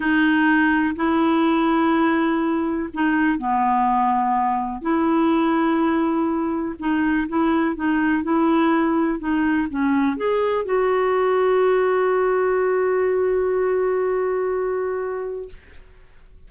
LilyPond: \new Staff \with { instrumentName = "clarinet" } { \time 4/4 \tempo 4 = 124 dis'2 e'2~ | e'2 dis'4 b4~ | b2 e'2~ | e'2 dis'4 e'4 |
dis'4 e'2 dis'4 | cis'4 gis'4 fis'2~ | fis'1~ | fis'1 | }